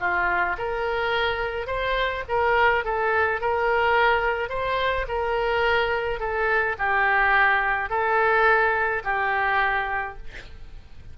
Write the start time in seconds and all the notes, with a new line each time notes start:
0.00 F4
0.58 A#4
1.67 C5
2.29 A#4
2.85 A4
3.41 A#4
4.49 C5
5.08 A#4
6.20 A4
6.79 G4
7.90 A4
9.04 G4